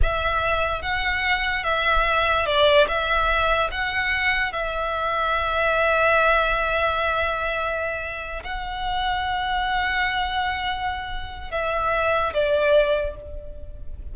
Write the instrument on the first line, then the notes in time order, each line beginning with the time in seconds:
violin
0.02 E5
0.82 F#5
1.63 E5
2.46 D5
2.88 E5
3.71 F#5
4.52 E5
8.43 F#5
11.51 E5
12.33 D5